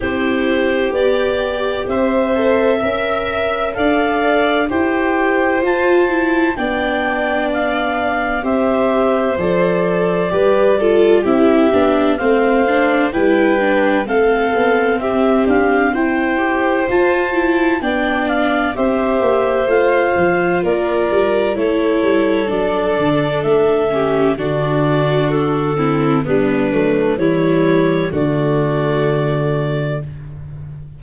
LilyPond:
<<
  \new Staff \with { instrumentName = "clarinet" } { \time 4/4 \tempo 4 = 64 c''4 d''4 e''2 | f''4 g''4 a''4 g''4 | f''4 e''4 d''2 | e''4 f''4 g''4 f''4 |
e''8 f''8 g''4 a''4 g''8 f''8 | e''4 f''4 d''4 cis''4 | d''4 e''4 d''4 a'4 | b'4 cis''4 d''2 | }
  \new Staff \with { instrumentName = "violin" } { \time 4/4 g'2 c''4 e''4 | d''4 c''2 d''4~ | d''4 c''2 b'8 a'8 | g'4 c''4 b'4 a'4 |
g'4 c''2 d''4 | c''2 ais'4 a'4~ | a'4. g'8 fis'4. e'8 | d'4 e'4 fis'2 | }
  \new Staff \with { instrumentName = "viola" } { \time 4/4 e'4 g'4. a'8 ais'4 | a'4 g'4 f'8 e'8 d'4~ | d'4 g'4 a'4 g'8 f'8 | e'8 d'8 c'8 d'8 e'8 d'8 c'4~ |
c'4. g'8 f'8 e'8 d'4 | g'4 f'2 e'4 | d'4. cis'8 d'4. c'8 | b8 a8 g4 a2 | }
  \new Staff \with { instrumentName = "tuba" } { \time 4/4 c'4 b4 c'4 cis'4 | d'4 e'4 f'4 b4~ | b4 c'4 f4 g4 | c'8 b8 a4 g4 a8 b8 |
c'8 d'8 e'4 f'4 b4 | c'8 ais8 a8 f8 ais8 g8 a8 g8 | fis8 d8 a4 d2 | g8 fis8 e4 d2 | }
>>